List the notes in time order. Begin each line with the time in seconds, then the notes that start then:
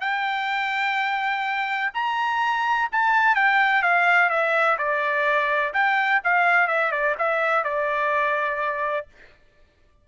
0.00 G5
1.94 A#5
2.92 A5
3.35 G5
3.82 F5
4.29 E5
4.78 D5
5.73 G5
6.24 F5
6.67 E5
6.91 D5
7.18 E5
7.64 D5